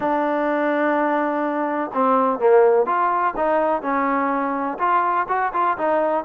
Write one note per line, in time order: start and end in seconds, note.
0.00 1.90 D4
1.93 2.39 C4
2.39 2.86 A#3
2.86 3.34 F4
3.36 3.82 D#4
3.82 4.78 C#4
4.78 5.26 F4
5.28 5.52 F#4
5.53 5.77 F4
5.77 6.24 D#4